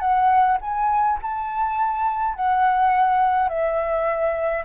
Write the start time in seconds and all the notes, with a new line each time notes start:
0.00 F#5
0.61 G#5
1.22 A5
2.35 F#5
3.49 E5